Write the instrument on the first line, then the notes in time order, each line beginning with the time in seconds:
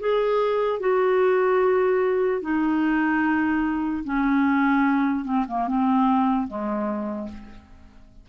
clarinet
0.00 G#4
0.80 F#4
2.42 D#4
4.04 C#4
5.25 C4
5.48 A#3
5.68 C4
6.48 G#3